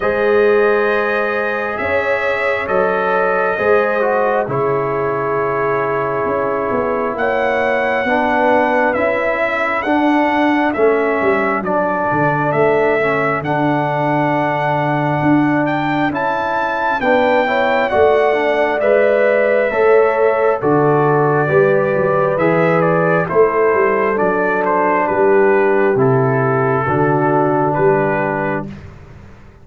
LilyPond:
<<
  \new Staff \with { instrumentName = "trumpet" } { \time 4/4 \tempo 4 = 67 dis''2 e''4 dis''4~ | dis''4 cis''2. | fis''2 e''4 fis''4 | e''4 d''4 e''4 fis''4~ |
fis''4. g''8 a''4 g''4 | fis''4 e''2 d''4~ | d''4 e''8 d''8 c''4 d''8 c''8 | b'4 a'2 b'4 | }
  \new Staff \with { instrumentName = "horn" } { \time 4/4 c''2 cis''2 | c''4 gis'2. | cis''4 b'4. a'4.~ | a'1~ |
a'2. b'8 cis''8 | d''2 cis''4 a'4 | b'2 a'2 | g'2 fis'4 g'4 | }
  \new Staff \with { instrumentName = "trombone" } { \time 4/4 gis'2. a'4 | gis'8 fis'8 e'2.~ | e'4 d'4 e'4 d'4 | cis'4 d'4. cis'8 d'4~ |
d'2 e'4 d'8 e'8 | fis'8 d'8 b'4 a'4 fis'4 | g'4 gis'4 e'4 d'4~ | d'4 e'4 d'2 | }
  \new Staff \with { instrumentName = "tuba" } { \time 4/4 gis2 cis'4 fis4 | gis4 cis2 cis'8 b8 | ais4 b4 cis'4 d'4 | a8 g8 fis8 d8 a4 d4~ |
d4 d'4 cis'4 b4 | a4 gis4 a4 d4 | g8 fis8 e4 a8 g8 fis4 | g4 c4 d4 g4 | }
>>